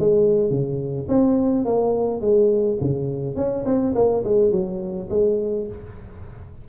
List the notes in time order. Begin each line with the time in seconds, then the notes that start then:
0.00 G#3
0.51 C#3
1.09 C4
1.65 A#3
2.22 G#3
2.81 C#3
3.36 C#4
3.66 C4
3.96 A#3
4.25 G#3
4.52 F#3
5.10 G#3